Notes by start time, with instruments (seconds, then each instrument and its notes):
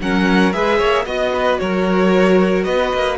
0.00 cello F#3, viola C#4, violin A#4 F#5
0.52 cello G#3, viola G#4, violin B4 E5
0.78 cello A#3, violin C#5
1.05 cello B3, viola F#4, violin D#5
1.34 violin B4
1.58 cello F#3, violin A#4 C#5
2.64 cello B3, violin B4 D#5
2.93 cello A#3